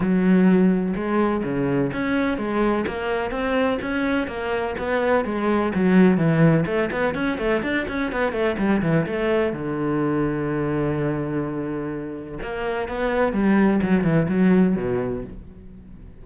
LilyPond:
\new Staff \with { instrumentName = "cello" } { \time 4/4 \tempo 4 = 126 fis2 gis4 cis4 | cis'4 gis4 ais4 c'4 | cis'4 ais4 b4 gis4 | fis4 e4 a8 b8 cis'8 a8 |
d'8 cis'8 b8 a8 g8 e8 a4 | d1~ | d2 ais4 b4 | g4 fis8 e8 fis4 b,4 | }